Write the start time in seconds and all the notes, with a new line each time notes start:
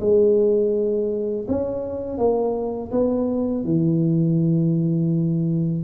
0.00 G#3
1.48 C#4
2.18 A#3
2.91 B3
3.64 E3